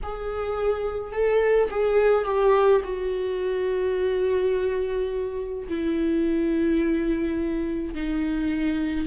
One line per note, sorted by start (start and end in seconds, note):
0.02 1.12 G#4
1.12 1.69 A4
1.70 2.24 G#4
2.24 2.81 G4
2.84 5.67 F#4
5.68 7.94 E4
7.94 9.06 D#4